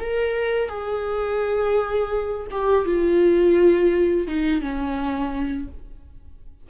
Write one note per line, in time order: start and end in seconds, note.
0.00 0.69 A#4
0.69 2.47 G#4
2.52 2.86 G4
2.86 4.28 F4
4.28 4.61 D#4
4.61 5.69 C#4